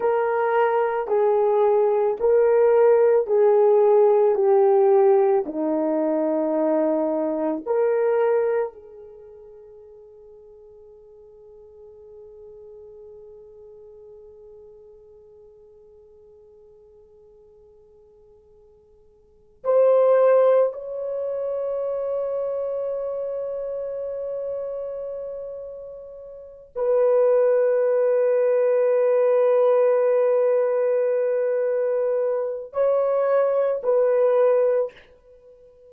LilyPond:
\new Staff \with { instrumentName = "horn" } { \time 4/4 \tempo 4 = 55 ais'4 gis'4 ais'4 gis'4 | g'4 dis'2 ais'4 | gis'1~ | gis'1~ |
gis'2 c''4 cis''4~ | cis''1~ | cis''8 b'2.~ b'8~ | b'2 cis''4 b'4 | }